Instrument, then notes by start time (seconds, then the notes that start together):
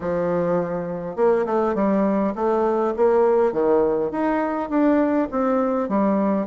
bassoon
0.00 F3
1.16 A#3
1.46 A3
1.74 G3
2.35 A3
2.96 A#3
3.52 D#3
4.11 D#4
4.69 D4
5.31 C4
5.89 G3